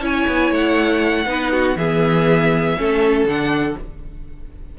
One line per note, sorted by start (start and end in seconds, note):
0.00 0.25 C#4
0.00 1.26 E4
0.00 1.25 C#5
0.00 0.53 G#5
0.27 0.51 B3
0.51 1.26 A3
0.51 1.77 F#5
1.26 1.76 B3
1.26 1.76 D#4
1.26 1.52 B4
1.52 1.77 F#4
1.76 2.76 E3
1.76 2.77 B3
1.76 2.78 G#4
1.76 3.27 E5
2.77 3.24 A3
2.77 3.27 C#4
2.77 3.79 A4
3.24 3.74 D3
3.24 3.79 D4
3.24 3.78 F#5